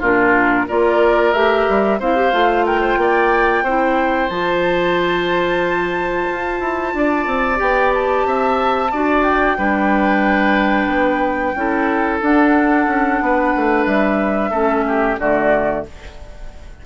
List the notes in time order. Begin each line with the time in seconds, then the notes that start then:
0.00 A#2 D4 F4 A#4
0.68 A#3 F4 A#4 D5
1.34 A3 G4 E5
1.69 G3
2.00 C4 E4 C5 F5
2.16 G4
2.33 A3 F4
2.65 A#4 G5
2.81 C5
2.97 A#3 D5
3.63 C4 E4 C5
4.29 F3 F4 A5
6.32 F4
6.60 E4
6.94 D4 D5
7.27 C4
7.57 B3 G4 G5
7.94 A5
8.26 C4 E5
8.92 D4 F#4 D5
9.23 G5
9.58 G3 D4 B4
10.87 B3
11.55 C#4 E4 A4
12.22 D4 F#5
12.87 C#4
13.21 B3 B4
13.56 A3
13.86 G3 E5
14.51 A3 C#4 A4
14.88 G4
15.19 D3 A3 F#4 D5